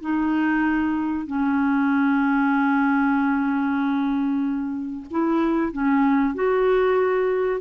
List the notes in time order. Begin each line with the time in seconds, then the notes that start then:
0.00 D#4
1.26 C#4
5.10 E4
5.72 C#4
6.34 F#4